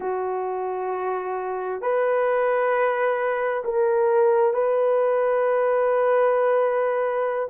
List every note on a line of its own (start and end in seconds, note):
0.00 1.81 F#4
1.81 3.63 B4
3.64 4.53 A#4
4.53 7.48 B4